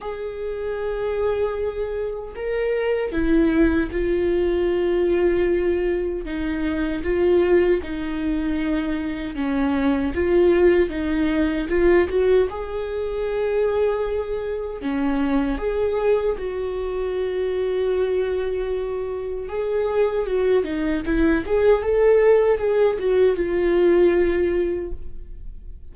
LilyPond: \new Staff \with { instrumentName = "viola" } { \time 4/4 \tempo 4 = 77 gis'2. ais'4 | e'4 f'2. | dis'4 f'4 dis'2 | cis'4 f'4 dis'4 f'8 fis'8 |
gis'2. cis'4 | gis'4 fis'2.~ | fis'4 gis'4 fis'8 dis'8 e'8 gis'8 | a'4 gis'8 fis'8 f'2 | }